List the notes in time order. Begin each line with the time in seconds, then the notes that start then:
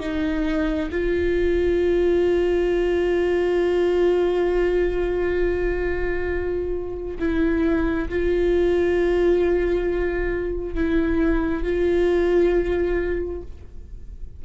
0.00 D#4
0.91 F4
7.19 E4
8.09 F4
10.75 E4
11.63 F4